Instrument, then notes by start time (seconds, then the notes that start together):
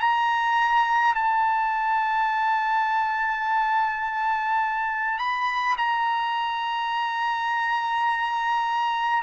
trumpet
0.00 A#5
1.14 A5
5.18 B5
5.77 A#5